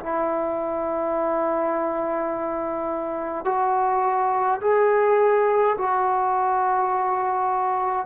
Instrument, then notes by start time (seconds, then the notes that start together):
trombone
0.00 E4
3.45 F#4
4.61 G#4
5.78 F#4